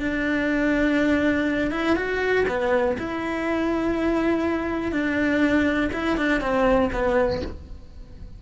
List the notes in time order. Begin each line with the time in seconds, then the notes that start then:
0.00 D4
1.71 E4
1.96 F#4
2.48 B3
2.99 E4
4.92 D4
5.93 E4
6.17 D4
6.41 C4
6.93 B3